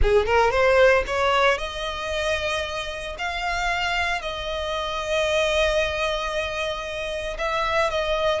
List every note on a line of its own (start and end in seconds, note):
0.01 0.26 G#4
0.26 0.50 A#4
0.50 1.03 C5
1.06 1.58 C#5
1.58 3.16 D#5
3.18 4.21 F5
4.21 7.37 D#5
7.38 7.90 E5
7.90 8.40 D#5